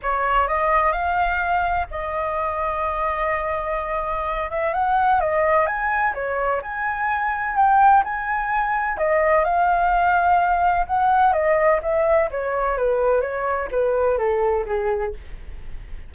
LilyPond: \new Staff \with { instrumentName = "flute" } { \time 4/4 \tempo 4 = 127 cis''4 dis''4 f''2 | dis''1~ | dis''4. e''8 fis''4 dis''4 | gis''4 cis''4 gis''2 |
g''4 gis''2 dis''4 | f''2. fis''4 | dis''4 e''4 cis''4 b'4 | cis''4 b'4 a'4 gis'4 | }